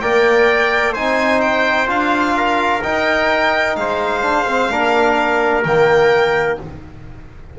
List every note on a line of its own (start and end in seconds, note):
0.00 0.96 A#3
0.00 0.95 A#4
0.00 0.93 D5
0.00 0.94 G5
0.93 1.88 C4
0.93 1.86 D#4
0.93 2.33 C5
0.93 1.41 G#5
1.41 1.88 G5
1.86 2.81 D4
1.86 2.80 F4
1.86 2.83 F5
2.37 3.78 A#4
2.83 4.22 D#4
2.83 3.77 D#4
2.83 3.76 G5
3.76 4.70 G#3
3.76 4.72 C5
3.76 5.63 F5
4.22 4.45 D4
4.48 4.70 C4
4.70 5.65 A#3
4.70 5.64 D4
4.70 6.59 A#4
5.64 6.59 D#3
5.64 6.59 A#3
5.64 6.58 G5